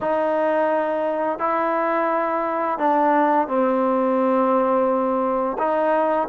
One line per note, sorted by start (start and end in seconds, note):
0.00 1.39 D#4
1.39 2.78 E4
2.78 3.47 D4
3.47 5.57 C4
5.58 6.28 D#4